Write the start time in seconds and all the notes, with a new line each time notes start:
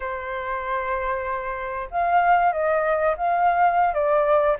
0.00 C5
1.91 F5
2.52 D#5
3.17 F5
3.93 D5